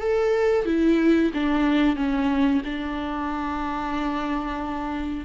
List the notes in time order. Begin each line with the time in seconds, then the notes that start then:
0.00 A4
0.66 E4
1.34 D4
1.96 C#4
2.65 D4